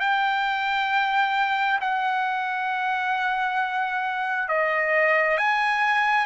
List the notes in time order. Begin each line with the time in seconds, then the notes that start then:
0.00 G5
1.81 F#5
4.49 D#5
5.38 G#5